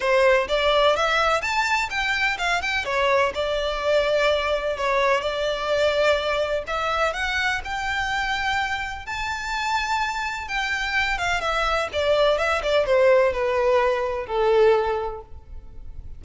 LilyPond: \new Staff \with { instrumentName = "violin" } { \time 4/4 \tempo 4 = 126 c''4 d''4 e''4 a''4 | g''4 f''8 g''8 cis''4 d''4~ | d''2 cis''4 d''4~ | d''2 e''4 fis''4 |
g''2. a''4~ | a''2 g''4. f''8 | e''4 d''4 e''8 d''8 c''4 | b'2 a'2 | }